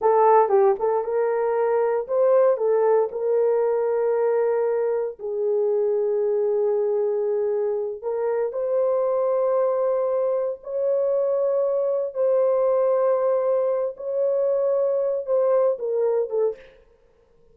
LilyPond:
\new Staff \with { instrumentName = "horn" } { \time 4/4 \tempo 4 = 116 a'4 g'8 a'8 ais'2 | c''4 a'4 ais'2~ | ais'2 gis'2~ | gis'2.~ gis'8 ais'8~ |
ais'8 c''2.~ c''8~ | c''8 cis''2. c''8~ | c''2. cis''4~ | cis''4. c''4 ais'4 a'8 | }